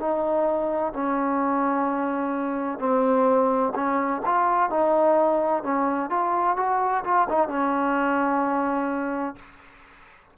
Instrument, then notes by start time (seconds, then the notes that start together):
trombone
0.00 D#4
0.94 C#4
2.80 C4
3.75 C#4
4.26 F4
4.70 D#4
5.64 C#4
6.10 F4
6.57 F#4
7.05 F4
7.30 D#4
7.49 C#4